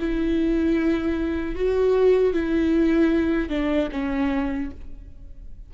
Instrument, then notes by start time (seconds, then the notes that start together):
viola
0.00 E4
1.56 F#4
2.34 E4
3.50 D4
3.92 C#4